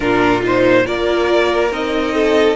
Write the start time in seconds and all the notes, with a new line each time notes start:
0.00 A#2 D4 F4 A#4
0.42 D#4 C5
0.83 A#3 F4 A#4 D5
1.71 C4 D#4 D#5
2.14 A4